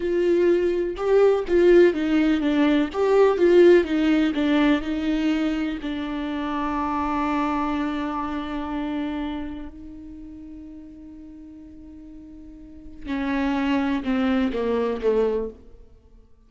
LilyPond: \new Staff \with { instrumentName = "viola" } { \time 4/4 \tempo 4 = 124 f'2 g'4 f'4 | dis'4 d'4 g'4 f'4 | dis'4 d'4 dis'2 | d'1~ |
d'1 | dis'1~ | dis'2. cis'4~ | cis'4 c'4 ais4 a4 | }